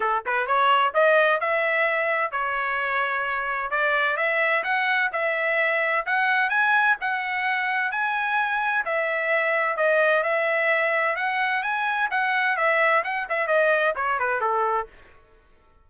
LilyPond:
\new Staff \with { instrumentName = "trumpet" } { \time 4/4 \tempo 4 = 129 a'8 b'8 cis''4 dis''4 e''4~ | e''4 cis''2. | d''4 e''4 fis''4 e''4~ | e''4 fis''4 gis''4 fis''4~ |
fis''4 gis''2 e''4~ | e''4 dis''4 e''2 | fis''4 gis''4 fis''4 e''4 | fis''8 e''8 dis''4 cis''8 b'8 a'4 | }